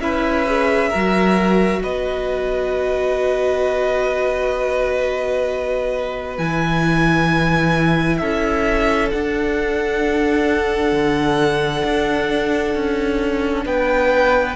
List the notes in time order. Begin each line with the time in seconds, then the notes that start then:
0.00 C#4 E4 B4 E5
0.46 G#4
0.89 F#3 F#4 A#4
1.83 B3 B4 D#5
6.37 E3 E4 G#5
8.18 C#4 A4 E5
9.11 D4 F#5
10.92 D3
11.84 D4
12.75 C#4
13.65 B3 B4 G5